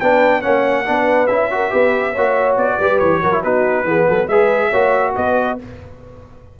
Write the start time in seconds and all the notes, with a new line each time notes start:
0.00 B3 D4 B4 G5
0.42 A#3 C#4 C#5 F#5
0.85 B3 D4 B4
1.27 C#4 E4 E5
1.51 F#4 A#4
1.70 B3 G4 B4
2.12 A#3 F#4 C#5
2.57 B3 D5
2.79 G3 G4 B4
2.99 E3 C#5
3.22 F#3 F#4 A#4
3.33 E4
3.43 B3 D#4 F#4 B4
3.84 E3 B3 G#4
4.08 F#3 A4
4.27 G#3 G#4 B4 E5
4.70 A#3 F#4 C#5
5.15 B3 B4 D#5